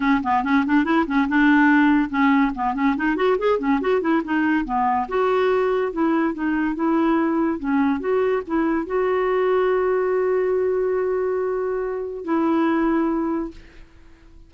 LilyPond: \new Staff \with { instrumentName = "clarinet" } { \time 4/4 \tempo 4 = 142 cis'8 b8 cis'8 d'8 e'8 cis'8 d'4~ | d'4 cis'4 b8 cis'8 dis'8 fis'8 | gis'8 cis'8 fis'8 e'8 dis'4 b4 | fis'2 e'4 dis'4 |
e'2 cis'4 fis'4 | e'4 fis'2.~ | fis'1~ | fis'4 e'2. | }